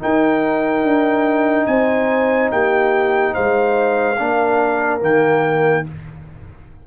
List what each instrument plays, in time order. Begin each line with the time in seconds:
0.00 trombone D#4, tuba D#4, horn A#4, trumpet G5
0.83 tuba D4
1.67 tuba C4, horn C5, trumpet G#5
2.52 tuba A#3, horn G4, trumpet G5
3.34 tuba G#3, horn C5, trumpet F5
4.19 tuba A#3, trombone D4, horn A#4
5.01 tuba D#3, trombone A#3, trumpet G5